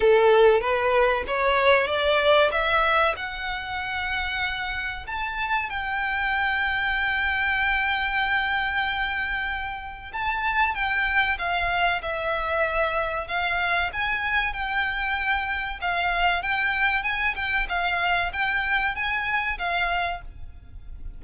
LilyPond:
\new Staff \with { instrumentName = "violin" } { \time 4/4 \tempo 4 = 95 a'4 b'4 cis''4 d''4 | e''4 fis''2. | a''4 g''2.~ | g''1 |
a''4 g''4 f''4 e''4~ | e''4 f''4 gis''4 g''4~ | g''4 f''4 g''4 gis''8 g''8 | f''4 g''4 gis''4 f''4 | }